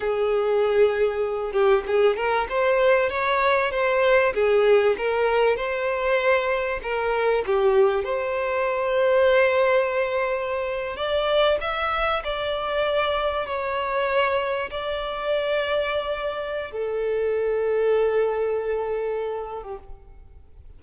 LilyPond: \new Staff \with { instrumentName = "violin" } { \time 4/4 \tempo 4 = 97 gis'2~ gis'8 g'8 gis'8 ais'8 | c''4 cis''4 c''4 gis'4 | ais'4 c''2 ais'4 | g'4 c''2.~ |
c''4.~ c''16 d''4 e''4 d''16~ | d''4.~ d''16 cis''2 d''16~ | d''2. a'4~ | a'2.~ a'8. g'16 | }